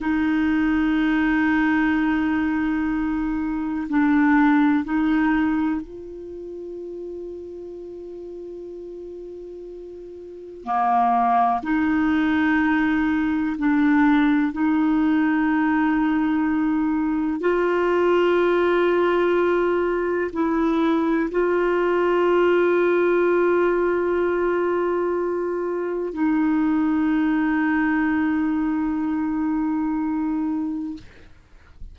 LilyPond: \new Staff \with { instrumentName = "clarinet" } { \time 4/4 \tempo 4 = 62 dis'1 | d'4 dis'4 f'2~ | f'2. ais4 | dis'2 d'4 dis'4~ |
dis'2 f'2~ | f'4 e'4 f'2~ | f'2. dis'4~ | dis'1 | }